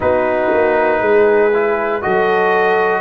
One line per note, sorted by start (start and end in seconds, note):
0.00 0.52 B3
0.00 1.51 D#4
0.00 1.00 F#4
0.00 2.02 B4
0.53 1.01 A#3
1.01 2.03 G#3
1.01 2.03 G#4
1.53 2.01 E4
2.01 3.01 F#3
2.01 3.01 F#4
2.01 3.01 A4
2.01 3.01 D#5